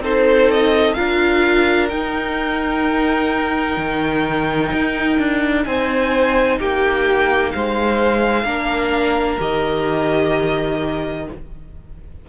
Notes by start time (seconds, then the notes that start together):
0.00 C4 D#4 A4 C5
0.51 D#5
0.94 D4 F4 A#4 F5
1.89 D#4 G5
3.77 D#3
4.73 D#4
5.19 D4
5.65 C4 C5 G#5
6.59 A#3 G4 G5
7.52 G#3 C5 F5
8.44 A#3 D4 A#4
9.39 D#3 G4 D#5